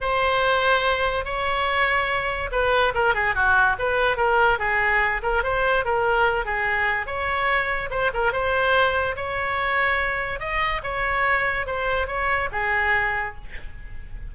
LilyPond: \new Staff \with { instrumentName = "oboe" } { \time 4/4 \tempo 4 = 144 c''2. cis''4~ | cis''2 b'4 ais'8 gis'8 | fis'4 b'4 ais'4 gis'4~ | gis'8 ais'8 c''4 ais'4. gis'8~ |
gis'4 cis''2 c''8 ais'8 | c''2 cis''2~ | cis''4 dis''4 cis''2 | c''4 cis''4 gis'2 | }